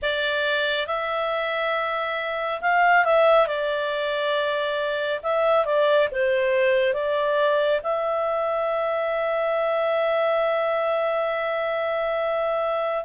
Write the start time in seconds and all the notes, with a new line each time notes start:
0.02 D5
0.87 E5
2.61 F5
3.04 E5
3.46 D5
5.23 E5
5.65 D5
6.11 C5
6.93 D5
7.83 E5